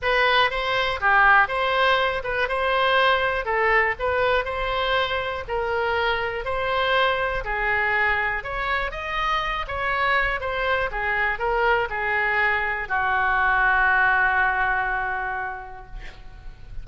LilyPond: \new Staff \with { instrumentName = "oboe" } { \time 4/4 \tempo 4 = 121 b'4 c''4 g'4 c''4~ | c''8 b'8 c''2 a'4 | b'4 c''2 ais'4~ | ais'4 c''2 gis'4~ |
gis'4 cis''4 dis''4. cis''8~ | cis''4 c''4 gis'4 ais'4 | gis'2 fis'2~ | fis'1 | }